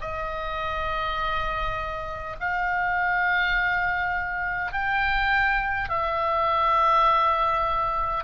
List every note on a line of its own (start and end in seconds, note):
0.00 2.35 D#5
2.40 4.72 F5
4.72 5.89 G5
5.89 8.24 E5